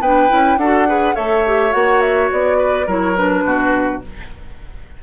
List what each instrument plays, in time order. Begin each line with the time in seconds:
0.00 bassoon B3, clarinet D4, oboe B4, flute G5
0.29 bassoon C#4, clarinet E4
0.57 bassoon D4, clarinet F#4, oboe A4, flute F#5
0.87 clarinet G#4, oboe B4
1.15 bassoon A3, clarinet A4, oboe C#5, flute E5
1.46 clarinet G4
1.71 bassoon A#3, clarinet F#4, flute F#5
2.01 flute E5
2.31 bassoon B3, flute D5
2.58 oboe B4
2.86 bassoon F#3, clarinet E4, oboe A#4, flute C#5
3.16 clarinet D4, flute B4
3.44 bassoon B2, oboe F#4